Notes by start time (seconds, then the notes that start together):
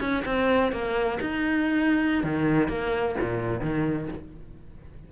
0.00 C#4
0.25 C4
0.72 A#3
1.20 D#4
2.23 D#3
2.68 A#3
3.20 A#2
3.61 D#3